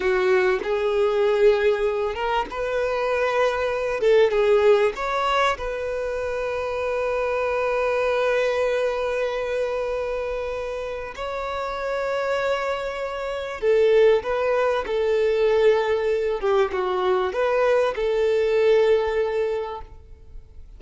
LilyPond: \new Staff \with { instrumentName = "violin" } { \time 4/4 \tempo 4 = 97 fis'4 gis'2~ gis'8 ais'8 | b'2~ b'8 a'8 gis'4 | cis''4 b'2.~ | b'1~ |
b'2 cis''2~ | cis''2 a'4 b'4 | a'2~ a'8 g'8 fis'4 | b'4 a'2. | }